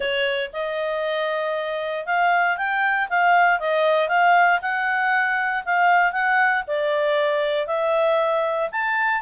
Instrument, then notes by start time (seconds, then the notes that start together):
clarinet
0.00 C#5
0.52 D#5
2.05 F5
2.57 G5
3.09 F5
3.59 D#5
4.08 F5
4.61 F#5
5.65 F5
6.12 F#5
6.67 D5
7.66 E5
8.71 A5